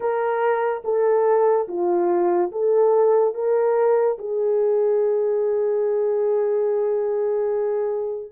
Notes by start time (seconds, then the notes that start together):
0.00 A#4
0.84 A4
1.67 F4
2.51 A4
3.34 A#4
4.18 G#4